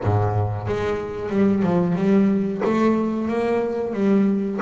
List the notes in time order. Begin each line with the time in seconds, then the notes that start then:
0.03 G#2
0.67 G#3
1.29 G3
1.62 F3
1.95 G3
2.64 A3
3.28 A#3
3.93 G3